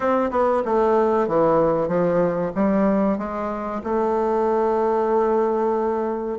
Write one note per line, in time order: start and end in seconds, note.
0.00 0.30 C4
0.30 0.62 B3
0.65 1.27 A3
1.27 1.87 E3
1.87 2.51 F3
2.55 3.17 G3
3.17 3.82 G#3
3.83 6.38 A3